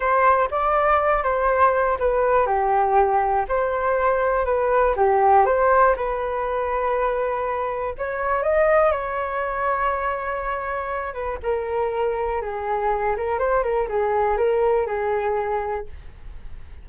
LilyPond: \new Staff \with { instrumentName = "flute" } { \time 4/4 \tempo 4 = 121 c''4 d''4. c''4. | b'4 g'2 c''4~ | c''4 b'4 g'4 c''4 | b'1 |
cis''4 dis''4 cis''2~ | cis''2~ cis''8 b'8 ais'4~ | ais'4 gis'4. ais'8 c''8 ais'8 | gis'4 ais'4 gis'2 | }